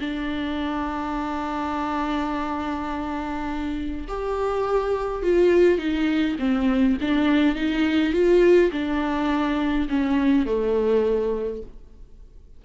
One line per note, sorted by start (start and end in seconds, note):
0.00 4.08 D4
4.08 5.23 G4
5.23 5.78 F4
5.78 6.37 D#4
6.39 6.97 C4
7.01 7.55 D4
7.55 8.13 D#4
8.13 8.71 F4
8.72 9.88 D4
9.89 10.46 C#4
10.46 11.62 A3